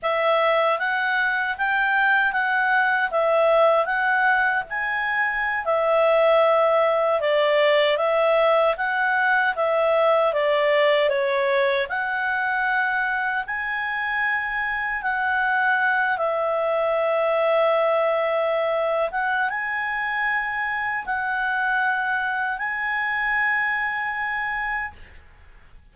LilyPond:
\new Staff \with { instrumentName = "clarinet" } { \time 4/4 \tempo 4 = 77 e''4 fis''4 g''4 fis''4 | e''4 fis''4 gis''4~ gis''16 e''8.~ | e''4~ e''16 d''4 e''4 fis''8.~ | fis''16 e''4 d''4 cis''4 fis''8.~ |
fis''4~ fis''16 gis''2 fis''8.~ | fis''8. e''2.~ e''16~ | e''8 fis''8 gis''2 fis''4~ | fis''4 gis''2. | }